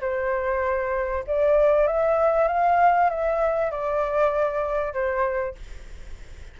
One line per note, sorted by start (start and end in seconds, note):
0.00 1.24 C5
1.27 1.87 D5
1.87 2.47 E5
2.47 3.09 F5
3.09 3.71 E5
3.71 4.93 D5
4.93 5.55 C5